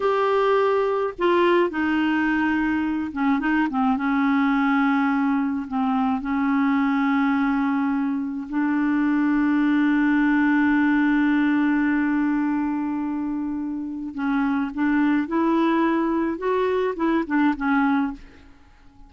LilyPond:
\new Staff \with { instrumentName = "clarinet" } { \time 4/4 \tempo 4 = 106 g'2 f'4 dis'4~ | dis'4. cis'8 dis'8 c'8 cis'4~ | cis'2 c'4 cis'4~ | cis'2. d'4~ |
d'1~ | d'1~ | d'4 cis'4 d'4 e'4~ | e'4 fis'4 e'8 d'8 cis'4 | }